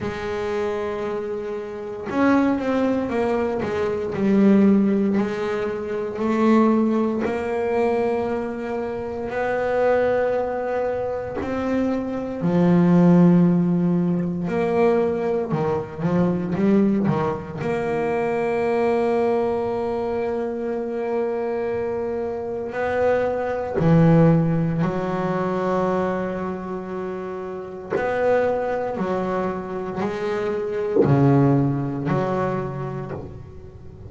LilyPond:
\new Staff \with { instrumentName = "double bass" } { \time 4/4 \tempo 4 = 58 gis2 cis'8 c'8 ais8 gis8 | g4 gis4 a4 ais4~ | ais4 b2 c'4 | f2 ais4 dis8 f8 |
g8 dis8 ais2.~ | ais2 b4 e4 | fis2. b4 | fis4 gis4 cis4 fis4 | }